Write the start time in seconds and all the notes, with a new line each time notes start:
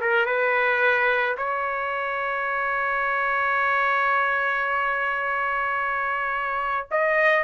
0.00 A#4
0.26 B4
1.37 C#5
6.91 D#5